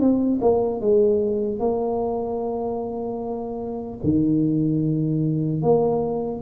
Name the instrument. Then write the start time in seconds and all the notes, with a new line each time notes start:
tuba
0.00 C4
0.41 A#3
0.81 G#3
1.60 A#3
4.04 D#3
5.63 A#3